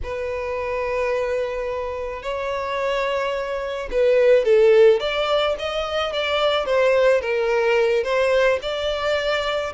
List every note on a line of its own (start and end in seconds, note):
0.03 2.22 B4
2.22 3.89 C#5
3.91 4.44 B4
4.44 4.99 A4
4.99 5.55 D5
5.59 6.13 D#5
6.13 6.65 D5
6.65 7.21 C5
7.21 8.03 A#4
8.03 8.59 C5
8.61 9.72 D5